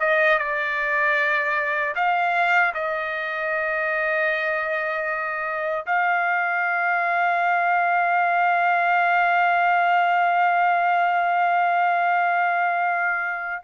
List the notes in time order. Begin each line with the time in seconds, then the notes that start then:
0.00 D#5
0.39 D5
1.96 F5
2.74 D#5
5.87 F5